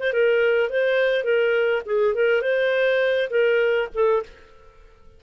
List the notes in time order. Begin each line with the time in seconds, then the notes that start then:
0.00 C5
0.13 A#4
0.70 C5
1.25 A#4
1.86 G#4
2.15 A#4
2.42 C5
3.30 A#4
3.94 A4